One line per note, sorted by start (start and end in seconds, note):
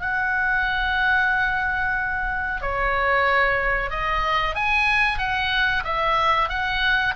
0.00 2.61 F#5
2.61 3.90 C#5
3.90 4.54 D#5
4.54 5.18 G#5
5.18 5.83 F#5
5.84 6.49 E5
6.49 7.14 F#5